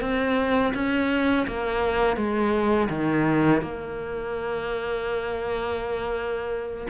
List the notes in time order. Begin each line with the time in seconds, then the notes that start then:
0.00 C4
0.74 C#4
1.47 A#3
2.16 G#3
2.89 D#3
3.61 A#3